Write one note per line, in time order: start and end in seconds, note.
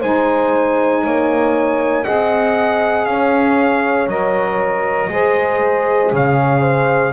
0.00 1.04 G#3
0.00 2.04 D#4
0.00 1.02 C5
0.00 2.04 G#5
1.04 2.06 A#3
1.04 2.05 C#5
2.04 3.06 C4
2.04 4.08 G#4
2.04 3.07 D#5
2.04 3.06 F#5
3.06 4.07 C#4
3.06 5.12 C#5
3.06 4.07 F5
4.07 5.08 F#3
4.07 5.10 A#4
4.07 6.13 D#5
5.09 6.11 G#3
5.09 7.12 G#4
5.09 6.14 C5
6.12 7.12 C#3
6.12 6.61 C#5
6.12 7.12 F5
6.61 7.11 C5